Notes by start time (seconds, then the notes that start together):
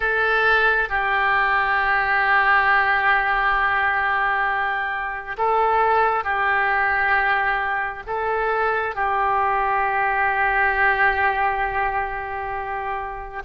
0.00 A4
0.89 G4
5.37 A4
6.24 G4
8.06 A4
8.95 G4